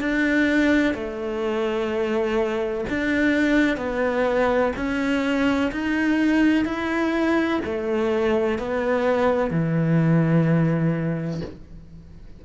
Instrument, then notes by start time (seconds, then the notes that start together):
cello
0.00 D4
0.94 A3
2.89 D4
3.77 B3
4.76 C#4
5.71 D#4
6.65 E4
7.65 A3
8.58 B3
9.50 E3